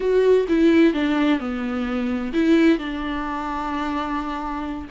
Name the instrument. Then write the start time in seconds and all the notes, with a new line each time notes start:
viola
0.00 F#4
0.48 E4
0.93 D4
1.39 B3
2.33 E4
2.78 D4